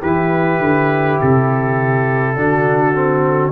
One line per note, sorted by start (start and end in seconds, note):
0.00 0.60 E3
0.00 2.37 E4
0.00 2.35 G4
0.00 1.21 B4
0.60 1.19 D3
1.21 2.37 C3
1.21 3.52 A4
2.37 3.52 D3
2.37 2.95 D4
2.37 3.52 F#4
2.95 3.52 C4